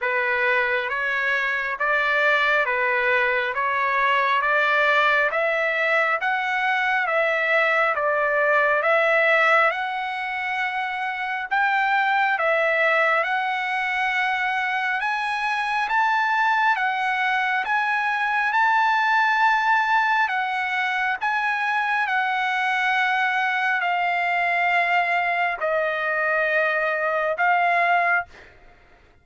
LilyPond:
\new Staff \with { instrumentName = "trumpet" } { \time 4/4 \tempo 4 = 68 b'4 cis''4 d''4 b'4 | cis''4 d''4 e''4 fis''4 | e''4 d''4 e''4 fis''4~ | fis''4 g''4 e''4 fis''4~ |
fis''4 gis''4 a''4 fis''4 | gis''4 a''2 fis''4 | gis''4 fis''2 f''4~ | f''4 dis''2 f''4 | }